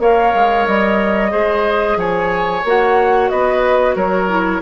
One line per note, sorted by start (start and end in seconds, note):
0.00 0.33 A#3
0.00 1.30 A#4
0.00 1.32 C#5
0.00 0.67 F5
0.35 0.68 G#3
0.67 1.33 G3
0.67 1.99 D#5
1.30 1.97 G#3
1.30 2.62 G#4
1.30 1.98 C5
1.97 2.63 F3
1.97 3.31 C#5
1.97 2.65 G#5
2.65 3.31 A#3
2.65 4.29 F#4
2.65 3.30 F#5
3.30 3.96 B3
3.30 3.95 B4
3.30 3.95 D#5
3.95 4.62 F#3
3.95 4.61 A#4
3.95 4.62 C#5
4.29 4.62 E4